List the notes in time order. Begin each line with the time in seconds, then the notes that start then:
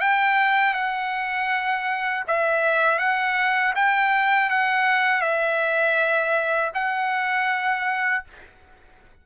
0.00 G5
0.74 F#5
2.27 E5
2.99 F#5
3.75 G5
4.50 F#5
5.22 E5
6.74 F#5